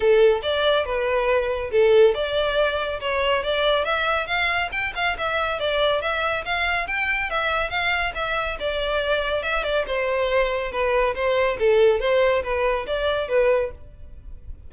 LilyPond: \new Staff \with { instrumentName = "violin" } { \time 4/4 \tempo 4 = 140 a'4 d''4 b'2 | a'4 d''2 cis''4 | d''4 e''4 f''4 g''8 f''8 | e''4 d''4 e''4 f''4 |
g''4 e''4 f''4 e''4 | d''2 e''8 d''8 c''4~ | c''4 b'4 c''4 a'4 | c''4 b'4 d''4 b'4 | }